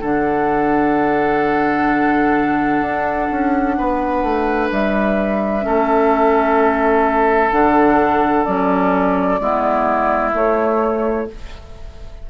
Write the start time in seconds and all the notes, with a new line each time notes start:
0.00 D3 D4 A4 F#5
2.80 D4
3.30 C#4
3.78 B3 B4
4.22 A3
4.71 G3 E5
5.61 A3 C#4 A4
7.51 D3 D4 F#5
8.44 F#3 C#4 D5
9.39 G#3 B3 E4
10.32 A3 C#5